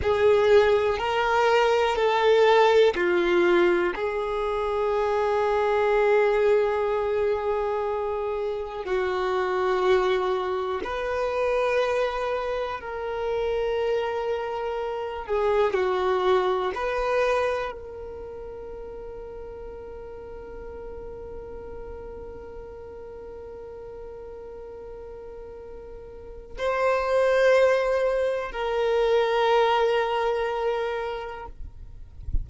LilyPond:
\new Staff \with { instrumentName = "violin" } { \time 4/4 \tempo 4 = 61 gis'4 ais'4 a'4 f'4 | gis'1~ | gis'4 fis'2 b'4~ | b'4 ais'2~ ais'8 gis'8 |
fis'4 b'4 ais'2~ | ais'1~ | ais'2. c''4~ | c''4 ais'2. | }